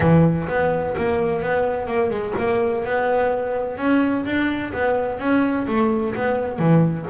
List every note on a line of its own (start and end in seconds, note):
0.00 0.47 E3
0.47 0.95 B3
0.97 1.42 A#3
1.42 1.87 B3
1.87 2.10 A#3
2.10 2.33 G#3
2.38 2.84 A#3
2.84 3.77 B3
3.77 4.24 C#4
4.25 4.72 D4
4.73 5.19 B3
5.19 5.66 C#4
5.67 6.14 A3
6.14 6.58 B3
6.58 7.06 E3